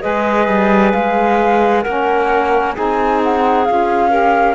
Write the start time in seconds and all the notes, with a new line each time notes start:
0.00 G#3 G#4 B4 D#5
0.47 G3
0.91 G#3 F5
1.81 A#3 C#4 A#4 F#5
2.74 C4 D#4 G#4 G#5
3.23 F#5
3.65 C#4 F4 F5
4.09 G4 A#4